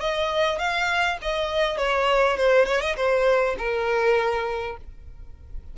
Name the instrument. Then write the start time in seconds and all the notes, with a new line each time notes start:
violin
0.00 D#5
0.59 F5
1.22 D#5
1.77 C#5
2.37 C5
2.66 C#5
2.81 D#5
2.96 C5
3.58 A#4